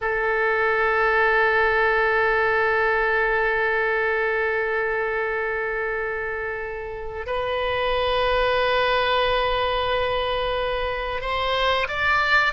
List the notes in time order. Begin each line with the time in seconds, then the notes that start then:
0.01 A4
7.26 B4
11.21 C5
11.88 D5